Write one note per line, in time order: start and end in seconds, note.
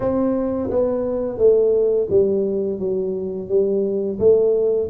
0.00 0.70 C4
0.70 1.38 B3
1.38 2.07 A3
2.10 2.79 G3
2.79 3.49 F#3
3.49 4.18 G3
4.19 4.88 A3